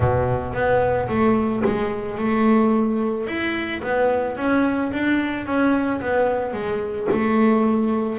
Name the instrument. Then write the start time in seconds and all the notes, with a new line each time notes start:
double bass
0.00 B2
0.53 B3
1.08 A3
1.65 G#3
2.18 A3
3.27 E4
3.82 B3
4.37 C#4
4.92 D4
5.45 C#4
6.00 B3
6.53 G#3
7.11 A3